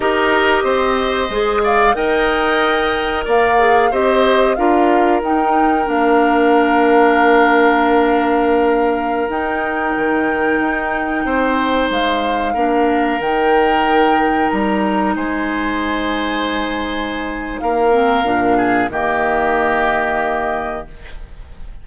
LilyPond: <<
  \new Staff \with { instrumentName = "flute" } { \time 4/4 \tempo 4 = 92 dis''2~ dis''8 f''8 g''4~ | g''4 f''4 dis''4 f''4 | g''4 f''2.~ | f''2~ f''16 g''4.~ g''16~ |
g''2~ g''16 f''4.~ f''16~ | f''16 g''2 ais''4 gis''8.~ | gis''2. f''4~ | f''4 dis''2. | }
  \new Staff \with { instrumentName = "oboe" } { \time 4/4 ais'4 c''4. d''8 dis''4~ | dis''4 d''4 c''4 ais'4~ | ais'1~ | ais'1~ |
ais'4~ ais'16 c''2 ais'8.~ | ais'2.~ ais'16 c''8.~ | c''2. ais'4~ | ais'8 gis'8 g'2. | }
  \new Staff \with { instrumentName = "clarinet" } { \time 4/4 g'2 gis'4 ais'4~ | ais'4. gis'8 g'4 f'4 | dis'4 d'2.~ | d'2~ d'16 dis'4.~ dis'16~ |
dis'2.~ dis'16 d'8.~ | d'16 dis'2.~ dis'8.~ | dis'2.~ dis'8 c'8 | d'4 ais2. | }
  \new Staff \with { instrumentName = "bassoon" } { \time 4/4 dis'4 c'4 gis4 dis'4~ | dis'4 ais4 c'4 d'4 | dis'4 ais2.~ | ais2~ ais16 dis'4 dis8.~ |
dis16 dis'4 c'4 gis4 ais8.~ | ais16 dis2 g4 gis8.~ | gis2. ais4 | ais,4 dis2. | }
>>